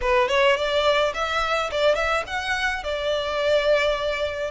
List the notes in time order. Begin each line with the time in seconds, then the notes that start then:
0.01 B4
0.28 C#5
0.56 D5
1.13 E5
1.71 D5
1.95 E5
2.26 F#5
2.83 D5